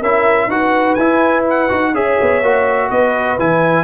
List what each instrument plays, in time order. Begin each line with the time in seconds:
0.00 tuba C#4, trombone E4, horn A#4, trumpet E5
0.48 tuba D#4, trombone F#4, horn B4, trumpet F#5
0.95 tuba E4, trombone E4, trumpet G#5
1.50 trumpet F#5
1.70 tuba D#4, trombone F#4
1.95 tuba C#4, trombone G#4, horn C#5, trumpet E5
2.22 tuba B3
2.42 tuba A#3, trombone F#4
2.89 tuba B3, horn B4, trumpet D#5
3.39 tuba E3, trombone E4, trumpet G#5